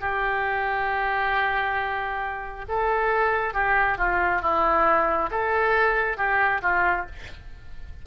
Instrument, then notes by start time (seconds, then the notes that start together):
oboe
0.00 G4
2.68 A4
3.53 G4
3.97 F4
4.41 E4
5.31 A4
6.17 G4
6.61 F4